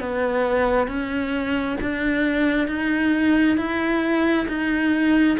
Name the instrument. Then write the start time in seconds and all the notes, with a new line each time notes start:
cello
0.00 B3
0.88 C#4
1.81 D4
2.67 D#4
3.57 E4
4.48 D#4